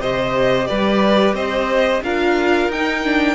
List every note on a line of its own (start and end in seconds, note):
0.00 0.67 C3
0.00 2.05 G4
0.00 0.69 C5
0.00 0.67 D#5
0.67 1.34 G3
0.67 1.36 B4
0.67 1.35 D5
1.34 2.01 C4
1.34 2.03 C5
1.34 2.03 D#5
2.03 2.68 D4
2.03 2.72 F4
2.03 3.36 A#4
2.03 2.72 F5
2.68 3.36 D#4
2.68 3.04 D#4
2.68 3.36 G5
3.04 3.36 D4